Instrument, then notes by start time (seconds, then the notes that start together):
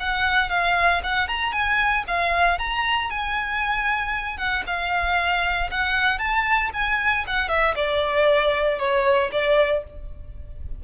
violin
0.00 F#5
0.50 F5
1.03 F#5
1.28 A#5
1.53 G#5
2.08 F5
2.59 A#5
3.10 G#5
4.38 F#5
4.67 F5
5.71 F#5
6.19 A5
6.74 G#5
7.27 F#5
7.49 E5
7.76 D5
8.79 C#5
9.32 D5